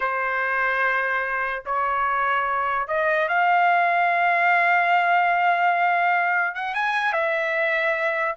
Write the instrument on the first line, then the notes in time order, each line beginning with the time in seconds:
trumpet
0.00 C5
1.65 C#5
2.87 D#5
3.28 F5
6.54 F#5
6.74 G#5
7.12 E5